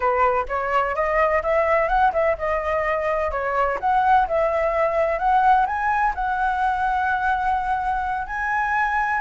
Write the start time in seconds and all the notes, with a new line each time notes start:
0.00 B4
0.48 C#5
0.95 D#5
1.43 E5
1.88 F#5
2.13 E5
2.38 D#5
3.31 C#5
3.79 F#5
4.27 E5
5.18 F#5
5.66 G#5
6.14 F#5
8.26 G#5